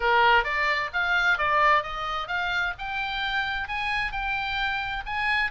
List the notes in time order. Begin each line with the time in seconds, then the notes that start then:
0.00 A#4
0.44 D5
0.93 F5
1.38 D5
1.83 D#5
2.27 F5
2.78 G5
3.67 G#5
4.11 G5
5.05 G#5